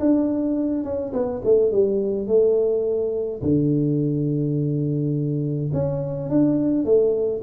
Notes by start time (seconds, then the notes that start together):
0.00 D4
0.84 C#4
1.13 B3
1.45 A3
1.72 G3
2.28 A3
3.43 D3
5.73 C#4
6.30 D4
6.85 A3